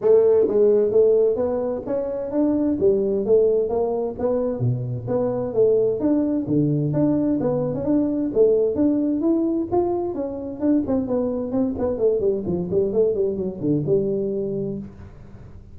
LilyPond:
\new Staff \with { instrumentName = "tuba" } { \time 4/4 \tempo 4 = 130 a4 gis4 a4 b4 | cis'4 d'4 g4 a4 | ais4 b4 b,4 b4 | a4 d'4 d4 d'4 |
b8. cis'16 d'4 a4 d'4 | e'4 f'4 cis'4 d'8 c'8 | b4 c'8 b8 a8 g8 f8 g8 | a8 g8 fis8 d8 g2 | }